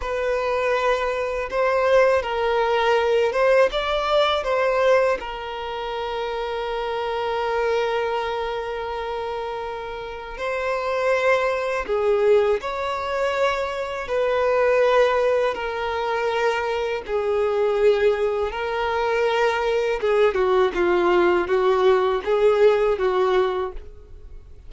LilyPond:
\new Staff \with { instrumentName = "violin" } { \time 4/4 \tempo 4 = 81 b'2 c''4 ais'4~ | ais'8 c''8 d''4 c''4 ais'4~ | ais'1~ | ais'2 c''2 |
gis'4 cis''2 b'4~ | b'4 ais'2 gis'4~ | gis'4 ais'2 gis'8 fis'8 | f'4 fis'4 gis'4 fis'4 | }